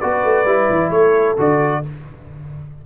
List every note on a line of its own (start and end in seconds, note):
0.00 0.24 B3
0.00 0.46 F#4
0.00 0.91 B4
0.00 0.91 D5
0.24 0.45 A3
0.45 0.68 G3
0.45 1.37 E4
0.70 0.91 E3
0.91 1.36 A3
0.91 1.84 A4
0.91 1.37 C#5
1.38 1.84 D3
1.38 1.83 F#4
1.38 1.86 D5